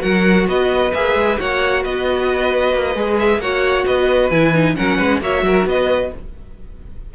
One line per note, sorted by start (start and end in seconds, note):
0.00 0.48 F#3
0.00 0.90 F#4
0.00 0.48 A#4
0.00 0.47 F#5
0.48 0.93 B3
0.48 1.40 B4
0.48 0.94 D#5
0.94 1.15 A#3
0.94 1.38 G#4
0.94 1.39 E5
1.15 1.38 G#3
1.38 1.85 A#3
1.38 2.96 F#4
1.38 1.83 C#5
1.38 1.85 F#5
1.83 2.74 B3
1.83 3.41 B4
1.83 3.19 D#5
2.74 2.95 A#3
2.95 3.39 G#3
2.95 3.41 G#4
3.19 3.41 E5
3.39 3.84 A#3
3.39 4.32 F#4
3.39 3.86 C#5
3.39 3.86 F#5
3.86 4.31 B3
3.86 4.76 B4
3.86 4.31 D#5
4.31 4.76 E3
4.31 4.54 E4
4.31 4.76 G#5
4.55 4.76 D#4
4.76 4.99 F#3
4.76 5.22 C#4
4.76 4.98 A#4
4.76 5.21 F#5
4.98 5.21 G#3
4.98 5.20 B4
5.21 5.43 A#3
5.21 6.12 F#4
5.21 5.46 C#5
5.21 5.68 E5
5.43 5.65 F#3
5.43 5.69 A#4
5.66 6.11 B3
5.66 6.15 B4
5.66 6.14 D#5